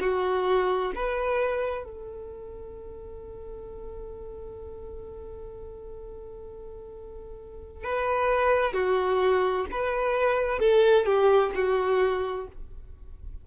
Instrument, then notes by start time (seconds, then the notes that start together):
violin
0.00 F#4
0.95 B4
1.84 A4
7.84 B4
8.73 F#4
9.71 B4
10.59 A4
11.05 G4
11.55 F#4